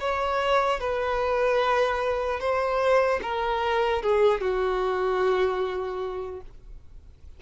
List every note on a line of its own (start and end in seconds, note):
0.00 0.80 C#5
0.80 2.40 B4
2.40 3.20 C5
3.23 4.03 A#4
4.03 4.41 G#4
4.41 6.41 F#4